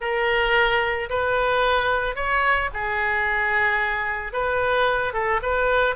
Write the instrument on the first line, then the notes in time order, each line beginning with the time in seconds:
oboe
0.00 A#4
1.09 B4
2.15 C#5
2.73 G#4
4.32 B4
5.13 A4
5.42 B4